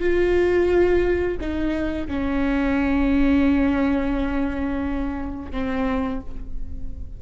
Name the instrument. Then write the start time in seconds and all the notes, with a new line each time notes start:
viola
0.00 F4
1.41 D#4
2.08 C#4
5.52 C4